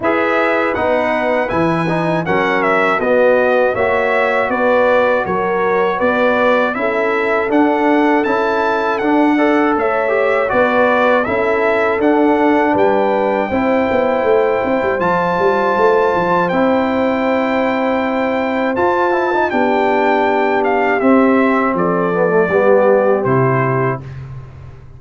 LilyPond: <<
  \new Staff \with { instrumentName = "trumpet" } { \time 4/4 \tempo 4 = 80 e''4 fis''4 gis''4 fis''8 e''8 | dis''4 e''4 d''4 cis''4 | d''4 e''4 fis''4 a''4 | fis''4 e''4 d''4 e''4 |
fis''4 g''2. | a''2 g''2~ | g''4 a''4 g''4. f''8 | e''4 d''2 c''4 | }
  \new Staff \with { instrumentName = "horn" } { \time 4/4 b'2. ais'4 | fis'4 cis''4 b'4 ais'4 | b'4 a'2.~ | a'8 d''8 cis''4 b'4 a'4~ |
a'4 b'4 c''2~ | c''1~ | c''2 g'2~ | g'4 a'4 g'2 | }
  \new Staff \with { instrumentName = "trombone" } { \time 4/4 gis'4 dis'4 e'8 dis'8 cis'4 | b4 fis'2.~ | fis'4 e'4 d'4 e'4 | d'8 a'4 g'8 fis'4 e'4 |
d'2 e'2 | f'2 e'2~ | e'4 f'8 e'16 dis'16 d'2 | c'4. b16 a16 b4 e'4 | }
  \new Staff \with { instrumentName = "tuba" } { \time 4/4 e'4 b4 e4 fis4 | b4 ais4 b4 fis4 | b4 cis'4 d'4 cis'4 | d'4 a4 b4 cis'4 |
d'4 g4 c'8 b8 a8 c'16 g16 | f8 g8 a8 f8 c'2~ | c'4 f'4 b2 | c'4 f4 g4 c4 | }
>>